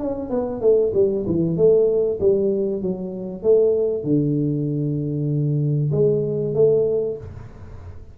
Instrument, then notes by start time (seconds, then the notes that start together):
tuba
0.00 C#4
0.30 B3
0.62 A3
0.95 G3
1.27 E3
1.57 A3
2.20 G3
2.82 F#3
3.43 A3
4.04 D3
5.92 G#3
6.55 A3